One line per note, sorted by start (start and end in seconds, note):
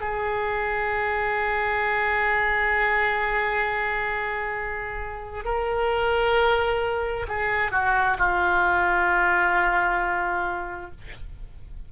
0.00 5.45 G#4
5.45 7.26 A#4
7.28 7.71 G#4
7.71 8.17 F#4
8.18 10.91 F4